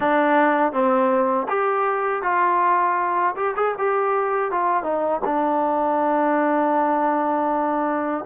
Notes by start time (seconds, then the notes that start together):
0.00 D4
0.72 C4
1.48 G4
2.22 F4
3.36 G4
3.56 G#4
3.78 G4
4.51 F4
4.83 D#4
5.25 D4